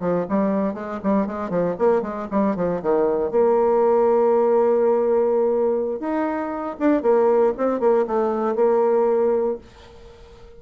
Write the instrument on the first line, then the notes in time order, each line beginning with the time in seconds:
bassoon
0.00 F3
0.29 G3
0.74 G#3
1.03 G3
1.26 G#3
1.50 F3
1.79 A#3
2.02 G#3
2.31 G3
2.56 F3
2.82 D#3
3.31 A#3
6.00 D#4
6.79 D4
7.02 A#3
7.57 C4
7.80 A#3
8.07 A3
8.55 A#3